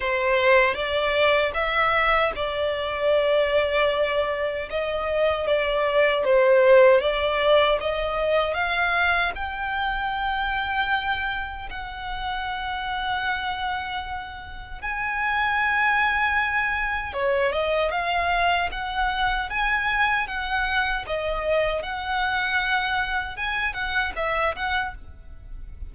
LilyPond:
\new Staff \with { instrumentName = "violin" } { \time 4/4 \tempo 4 = 77 c''4 d''4 e''4 d''4~ | d''2 dis''4 d''4 | c''4 d''4 dis''4 f''4 | g''2. fis''4~ |
fis''2. gis''4~ | gis''2 cis''8 dis''8 f''4 | fis''4 gis''4 fis''4 dis''4 | fis''2 gis''8 fis''8 e''8 fis''8 | }